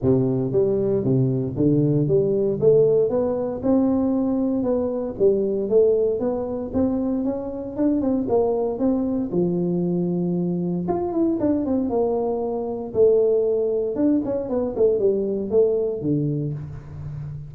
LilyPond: \new Staff \with { instrumentName = "tuba" } { \time 4/4 \tempo 4 = 116 c4 g4 c4 d4 | g4 a4 b4 c'4~ | c'4 b4 g4 a4 | b4 c'4 cis'4 d'8 c'8 |
ais4 c'4 f2~ | f4 f'8 e'8 d'8 c'8 ais4~ | ais4 a2 d'8 cis'8 | b8 a8 g4 a4 d4 | }